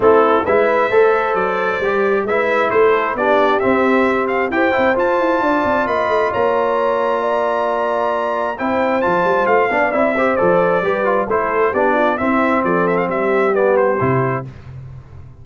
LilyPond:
<<
  \new Staff \with { instrumentName = "trumpet" } { \time 4/4 \tempo 4 = 133 a'4 e''2 d''4~ | d''4 e''4 c''4 d''4 | e''4. f''8 g''4 a''4~ | a''4 b''4 ais''2~ |
ais''2. g''4 | a''4 f''4 e''4 d''4~ | d''4 c''4 d''4 e''4 | d''8 e''16 f''16 e''4 d''8 c''4. | }
  \new Staff \with { instrumentName = "horn" } { \time 4/4 e'4 b'4 c''2~ | c''4 b'4 a'4 g'4~ | g'2 c''2 | d''4 dis''4 cis''2 |
d''2. c''4~ | c''4. d''4 c''4. | b'4 a'4 g'8 f'8 e'4 | a'4 g'2. | }
  \new Staff \with { instrumentName = "trombone" } { \time 4/4 c'4 e'4 a'2 | g'4 e'2 d'4 | c'2 g'8 e'8 f'4~ | f'1~ |
f'2. e'4 | f'4. d'8 e'8 g'8 a'4 | g'8 f'8 e'4 d'4 c'4~ | c'2 b4 e'4 | }
  \new Staff \with { instrumentName = "tuba" } { \time 4/4 a4 gis4 a4 fis4 | g4 gis4 a4 b4 | c'2 e'8 c'8 f'8 e'8 | d'8 c'8 ais8 a8 ais2~ |
ais2. c'4 | f8 g8 a8 b8 c'4 f4 | g4 a4 b4 c'4 | f4 g2 c4 | }
>>